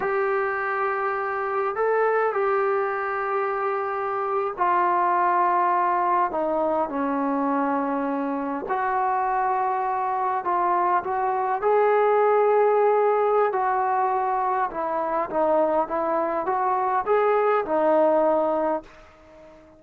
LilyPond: \new Staff \with { instrumentName = "trombone" } { \time 4/4 \tempo 4 = 102 g'2. a'4 | g'2.~ g'8. f'16~ | f'2~ f'8. dis'4 cis'16~ | cis'2~ cis'8. fis'4~ fis'16~ |
fis'4.~ fis'16 f'4 fis'4 gis'16~ | gis'2. fis'4~ | fis'4 e'4 dis'4 e'4 | fis'4 gis'4 dis'2 | }